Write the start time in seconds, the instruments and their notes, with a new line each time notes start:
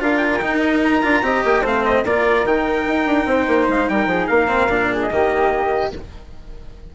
0.00 bassoon D4, cello F4, flute A#4, trumpet F5
0.17 trumpet G5
0.34 trumpet G5 G#5
0.41 bassoon D#4, cello D#4
0.60 trumpet D#5
0.84 trumpet A#5
1.02 bassoon D4, cello F4
1.22 bassoon C4, cello G4, flute D#5
1.44 bassoon A#3, trumpet G5
1.62 bassoon A3, cello C4, flute C5, trumpet F5
1.85 trumpet D#5
2.05 bassoon A#3, cello F4, flute A#4, trumpet D5
2.44 bassoon D#3, cello D#4, trumpet G5
2.86 bassoon D#4
3.06 bassoon D4
3.26 bassoon C4, flute C5
3.47 bassoon A#3
3.68 bassoon G#3, trumpet F5
3.89 bassoon G3, flute A#4, trumpet G5
4.06 bassoon F3, flute G#4
4.27 bassoon A#3, flute A#4, trumpet F5
4.48 cello C4
4.68 bassoon A#2, cello D4
4.91 flute G#4
5.03 trumpet D#5
5.11 bassoon D#3, cello A#3, flute G4